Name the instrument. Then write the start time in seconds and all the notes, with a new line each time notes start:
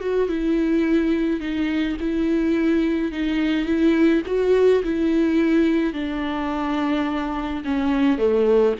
viola
0.00 F#4
0.29 E4
1.40 D#4
2.00 E4
3.12 D#4
3.65 E4
4.26 F#4
4.83 E4
5.93 D4
7.64 C#4
8.18 A3